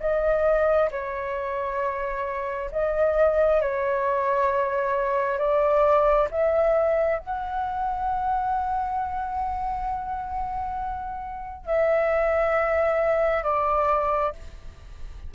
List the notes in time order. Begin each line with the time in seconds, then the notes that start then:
0.00 D#5
0.91 C#5
2.72 D#5
3.61 C#5
5.39 D5
6.31 E5
7.19 F#5
11.66 E5
13.43 D5